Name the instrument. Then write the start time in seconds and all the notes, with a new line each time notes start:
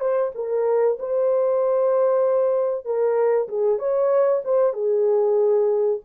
horn
0.00 C5
0.35 A#4
0.99 C5
2.85 A#4
3.49 G#4
3.79 C#5
4.44 C5
4.73 G#4